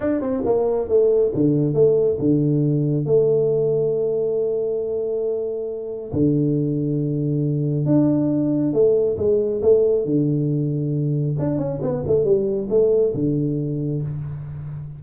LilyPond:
\new Staff \with { instrumentName = "tuba" } { \time 4/4 \tempo 4 = 137 d'8 c'8 ais4 a4 d4 | a4 d2 a4~ | a1~ | a2 d2~ |
d2 d'2 | a4 gis4 a4 d4~ | d2 d'8 cis'8 b8 a8 | g4 a4 d2 | }